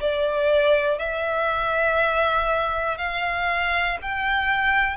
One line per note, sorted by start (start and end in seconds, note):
0.00 0.99 D5
0.99 2.98 E5
2.98 3.98 F5
4.02 4.97 G5